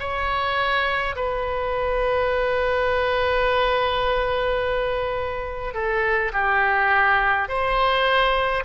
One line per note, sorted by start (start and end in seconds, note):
0.00 1.15 C#5
1.16 5.74 B4
5.74 6.32 A4
6.34 7.49 G4
7.49 8.64 C5